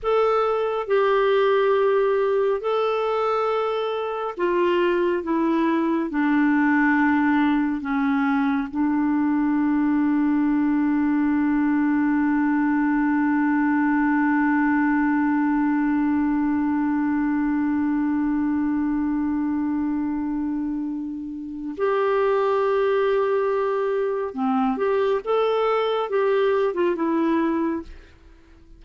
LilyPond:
\new Staff \with { instrumentName = "clarinet" } { \time 4/4 \tempo 4 = 69 a'4 g'2 a'4~ | a'4 f'4 e'4 d'4~ | d'4 cis'4 d'2~ | d'1~ |
d'1~ | d'1~ | d'4 g'2. | c'8 g'8 a'4 g'8. f'16 e'4 | }